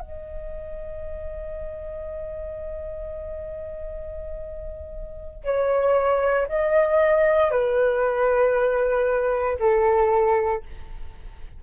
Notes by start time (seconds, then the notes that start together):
0.00 D#5
5.44 C#5
6.48 D#5
7.51 B4
9.59 A4